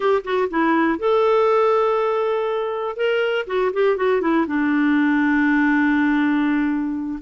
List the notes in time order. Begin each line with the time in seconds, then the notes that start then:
0.00 G4
0.24 F#4
0.50 E4
0.98 A4
2.96 A#4
3.46 F#4
3.73 G4
3.96 F#4
4.21 E4
4.46 D4